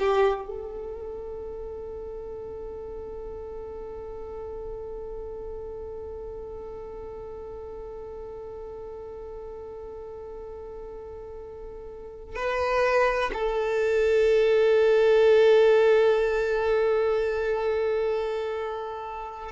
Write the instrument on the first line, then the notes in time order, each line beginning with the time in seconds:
violin
0.00 G4
0.47 A4
12.36 B4
13.34 A4